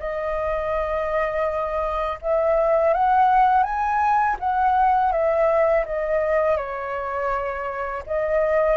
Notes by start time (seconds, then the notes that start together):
0.00 D#5
2.22 E5
2.94 F#5
3.64 G#5
4.40 F#5
5.12 E5
5.86 D#5
6.57 C#5
8.07 D#5